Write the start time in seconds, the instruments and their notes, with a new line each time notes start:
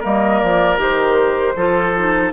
0.00 bassoon G3, clarinet A#3, oboe A#4, flute D#5
0.40 bassoon F3, flute D5
0.78 bassoon D#3, clarinet G4, flute C5
1.56 bassoon F3, clarinet F4, oboe A4
1.97 clarinet D#4